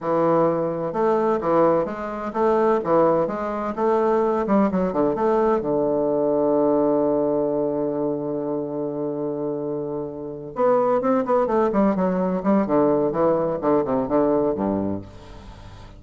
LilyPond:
\new Staff \with { instrumentName = "bassoon" } { \time 4/4 \tempo 4 = 128 e2 a4 e4 | gis4 a4 e4 gis4 | a4. g8 fis8 d8 a4 | d1~ |
d1~ | d2~ d8 b4 c'8 | b8 a8 g8 fis4 g8 d4 | e4 d8 c8 d4 g,4 | }